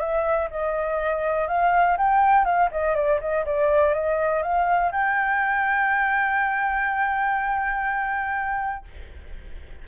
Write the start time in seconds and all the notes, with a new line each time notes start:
0.00 E5
0.51 D#5
1.48 F5
1.98 G5
2.45 F5
2.72 D#5
2.95 D5
3.21 D#5
3.46 D5
3.94 D#5
4.43 F5
4.92 G5